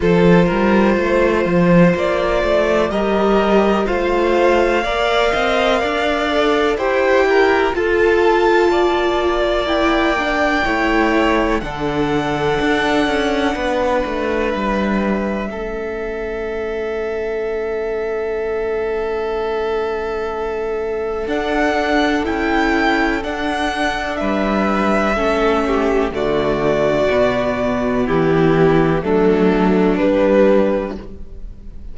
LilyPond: <<
  \new Staff \with { instrumentName = "violin" } { \time 4/4 \tempo 4 = 62 c''2 d''4 dis''4 | f''2. g''4 | a''2 g''2 | fis''2. e''4~ |
e''1~ | e''2 fis''4 g''4 | fis''4 e''2 d''4~ | d''4 g'4 a'4 b'4 | }
  \new Staff \with { instrumentName = "violin" } { \time 4/4 a'8 ais'8 c''2 ais'4 | c''4 d''8 dis''8 d''4 c''8 ais'8 | a'4 d''2 cis''4 | a'2 b'2 |
a'1~ | a'1~ | a'4 b'4 a'8 g'8 fis'4~ | fis'4 e'4 d'2 | }
  \new Staff \with { instrumentName = "viola" } { \time 4/4 f'2. g'4 | f'4 ais'4. a'8 g'4 | f'2 e'8 d'8 e'4 | d'1 |
cis'1~ | cis'2 d'4 e'4 | d'2 cis'4 a4 | b2 a4 g4 | }
  \new Staff \with { instrumentName = "cello" } { \time 4/4 f8 g8 a8 f8 ais8 a8 g4 | a4 ais8 c'8 d'4 e'4 | f'4 ais2 a4 | d4 d'8 cis'8 b8 a8 g4 |
a1~ | a2 d'4 cis'4 | d'4 g4 a4 d4 | b,4 e4 fis4 g4 | }
>>